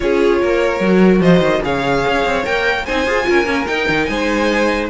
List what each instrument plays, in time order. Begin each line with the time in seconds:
0.00 cello C#4, viola F4, violin G#4 C#5
0.41 cello A#3, violin A#4
0.80 cello F#3, viola F#4
1.20 cello F3, violin C5 D#5
1.39 cello D#3
1.62 cello C#3, viola G#4, violin C#5 F5
2.07 cello C#4
2.25 cello C4
2.44 cello A#3, viola A#4, violin G5
2.85 cello C4, viola D#4, violin C5 G#5
3.06 cello F4, viola G#4
3.24 cello C#4, viola F4, violin A#4
3.44 cello A#3, viola C#4
3.66 viola D#4, cello D#4, violin G5
3.89 cello D#3
4.05 cello G#3, violin C5 G#5